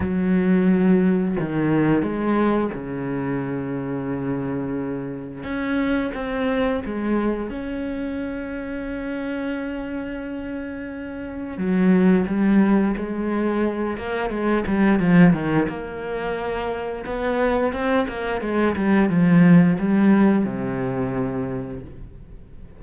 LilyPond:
\new Staff \with { instrumentName = "cello" } { \time 4/4 \tempo 4 = 88 fis2 dis4 gis4 | cis1 | cis'4 c'4 gis4 cis'4~ | cis'1~ |
cis'4 fis4 g4 gis4~ | gis8 ais8 gis8 g8 f8 dis8 ais4~ | ais4 b4 c'8 ais8 gis8 g8 | f4 g4 c2 | }